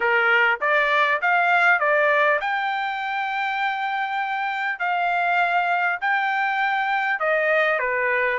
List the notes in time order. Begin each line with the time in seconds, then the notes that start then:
0.00 A#4
0.61 D5
1.21 F5
1.79 D5
2.40 G5
4.79 F5
6.00 G5
7.19 D#5
7.79 B4